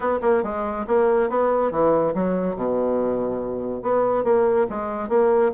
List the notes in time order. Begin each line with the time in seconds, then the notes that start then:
0.00 B3
0.21 A#3
0.43 G#3
0.87 A#3
1.29 B3
1.71 E3
2.14 F#3
2.55 B2
3.82 B3
4.24 A#3
4.69 G#3
5.09 A#3